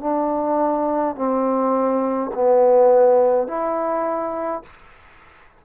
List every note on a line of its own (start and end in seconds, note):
0.00 1.15 D4
1.15 2.31 C4
2.34 3.47 B3
3.47 4.63 E4